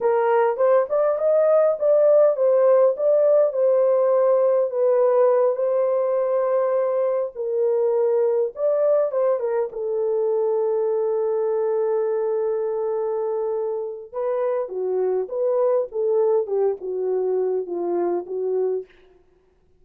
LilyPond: \new Staff \with { instrumentName = "horn" } { \time 4/4 \tempo 4 = 102 ais'4 c''8 d''8 dis''4 d''4 | c''4 d''4 c''2 | b'4. c''2~ c''8~ | c''8 ais'2 d''4 c''8 |
ais'8 a'2.~ a'8~ | a'1 | b'4 fis'4 b'4 a'4 | g'8 fis'4. f'4 fis'4 | }